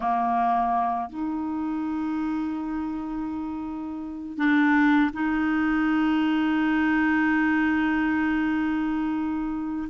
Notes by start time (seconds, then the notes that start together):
0.00 A#3
1.09 D#4
4.37 D4
5.13 D#4